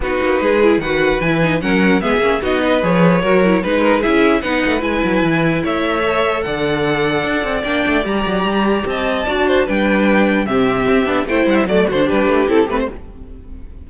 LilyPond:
<<
  \new Staff \with { instrumentName = "violin" } { \time 4/4 \tempo 4 = 149 b'2 fis''4 gis''4 | fis''4 e''4 dis''4 cis''4~ | cis''4 b'4 e''4 fis''4 | gis''2 e''2 |
fis''2. g''4 | ais''2 a''2 | g''2 e''2 | g''8 fis''16 e''16 d''8 c''8 b'4 a'8 b'16 c''16 | }
  \new Staff \with { instrumentName = "violin" } { \time 4/4 fis'4 gis'4 b'2 | ais'4 gis'4 fis'8 b'4. | ais'4 b'8 ais'8 gis'4 b'4~ | b'2 cis''2 |
d''1~ | d''2 dis''4 d''8 c''8 | b'2 g'2 | c''4 d''8 fis'8 g'2 | }
  \new Staff \with { instrumentName = "viola" } { \time 4/4 dis'4. e'8 fis'4 e'8 dis'8 | cis'4 b8 cis'8 dis'4 gis'4 | fis'8 e'8 dis'4 e'4 dis'4 | e'2. a'4~ |
a'2. d'4 | g'2. fis'4 | d'2 c'4. d'8 | e'4 a8 d'4. e'8 c'8 | }
  \new Staff \with { instrumentName = "cello" } { \time 4/4 b8 ais8 gis4 dis4 e4 | fis4 gis8 ais8 b4 f4 | fis4 gis4 cis'4 b8 a8 | gis8 fis8 e4 a2 |
d2 d'8 c'8 ais8 a8 | g8 fis8 g4 c'4 d'4 | g2 c4 c'8 b8 | a8 g8 fis8 d8 g8 a8 c'8 a8 | }
>>